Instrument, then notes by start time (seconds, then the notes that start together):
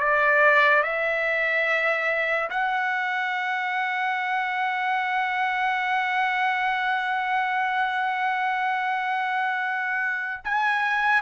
trumpet
0.00 D5
0.83 E5
2.50 F#5
10.45 G#5